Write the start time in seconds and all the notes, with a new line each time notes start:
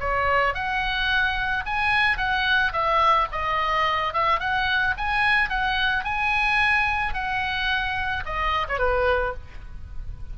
0.00 C#5
0.54 F#5
1.66 G#5
2.17 F#5
2.73 E5
3.32 D#5
4.14 E5
4.40 F#5
4.98 G#5
5.50 F#5
6.04 G#5
7.14 F#5
8.26 D#5
8.69 C#5
8.79 B4